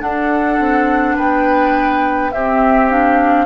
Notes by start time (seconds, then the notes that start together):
0.00 D4 A4 F#5
0.59 C4
1.16 B3 B4 G5
2.32 C4 G4 E5
2.90 D4 F5